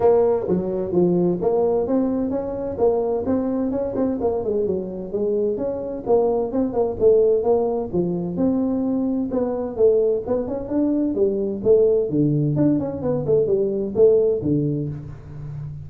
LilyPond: \new Staff \with { instrumentName = "tuba" } { \time 4/4 \tempo 4 = 129 ais4 fis4 f4 ais4 | c'4 cis'4 ais4 c'4 | cis'8 c'8 ais8 gis8 fis4 gis4 | cis'4 ais4 c'8 ais8 a4 |
ais4 f4 c'2 | b4 a4 b8 cis'8 d'4 | g4 a4 d4 d'8 cis'8 | b8 a8 g4 a4 d4 | }